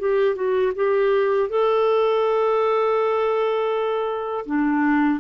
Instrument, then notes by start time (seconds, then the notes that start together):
clarinet
0.00 G4
0.36 F#4
0.76 G4
1.50 A4
4.46 D4